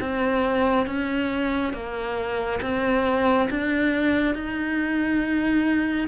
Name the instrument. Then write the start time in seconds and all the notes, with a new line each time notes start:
cello
0.00 C4
0.87 C#4
1.73 A#3
2.62 C4
3.50 D4
4.35 D#4